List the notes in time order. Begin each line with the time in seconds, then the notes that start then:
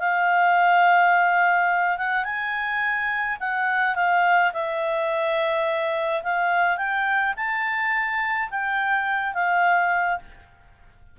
0.00 F5
1.98 F#5
2.25 G#5
3.40 F#5
3.95 F5
4.53 E5
6.23 F5
6.77 G5
7.37 A5
8.50 G5
9.34 F5